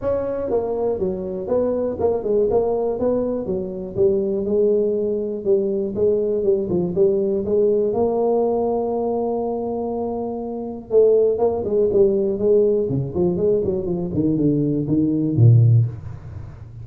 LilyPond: \new Staff \with { instrumentName = "tuba" } { \time 4/4 \tempo 4 = 121 cis'4 ais4 fis4 b4 | ais8 gis8 ais4 b4 fis4 | g4 gis2 g4 | gis4 g8 f8 g4 gis4 |
ais1~ | ais2 a4 ais8 gis8 | g4 gis4 cis8 f8 gis8 fis8 | f8 dis8 d4 dis4 ais,4 | }